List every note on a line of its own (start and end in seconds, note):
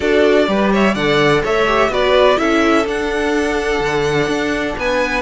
0.00 0.48 D4
0.00 0.47 F#4
0.00 0.46 A4
0.00 0.70 D5
0.47 0.95 G3
0.47 0.94 G4
0.47 0.72 B4
0.72 0.94 C#5
0.72 0.94 E5
0.94 1.43 D3
0.94 1.67 A4
0.94 1.41 D5
0.94 1.42 F#5
1.42 1.88 A3
1.42 1.90 C#5
1.42 1.92 E5
1.67 1.90 G4
1.88 2.36 B3
1.88 2.36 F#4
1.88 2.39 B4
1.88 2.38 D5
2.36 2.86 C#4
2.36 2.84 E4
2.36 4.77 A4
2.36 2.85 E5
2.85 5.22 D4
2.85 3.80 D4
2.85 4.78 F#5
3.80 4.27 D3
4.27 4.75 D4
4.77 5.22 B3
4.77 5.22 B4
4.77 5.22 G#5